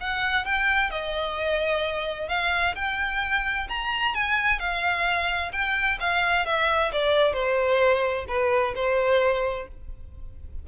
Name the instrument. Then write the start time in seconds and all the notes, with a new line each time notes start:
violin
0.00 F#5
0.45 G5
0.90 D#5
2.28 F5
2.75 G5
3.68 A#5
4.14 G#5
4.59 F5
5.52 G5
6.00 F5
6.45 E5
6.92 D5
7.33 C5
8.27 B4
8.75 C5